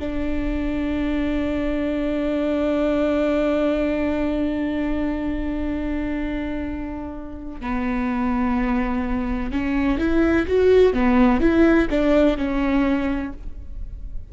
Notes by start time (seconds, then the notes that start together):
0.00 D4
7.61 B3
9.52 C#4
9.99 E4
10.48 F#4
10.94 B3
11.41 E4
11.90 D4
12.38 C#4